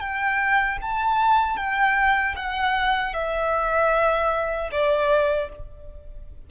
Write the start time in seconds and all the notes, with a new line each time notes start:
0.00 G5
0.81 A5
1.57 G5
2.36 F#5
3.14 E5
4.71 D5